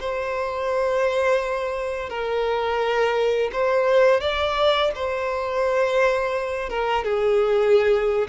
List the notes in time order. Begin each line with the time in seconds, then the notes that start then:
0.00 C5
2.10 A#4
3.53 C5
4.21 D5
4.95 C5
6.70 A#4
7.05 G#4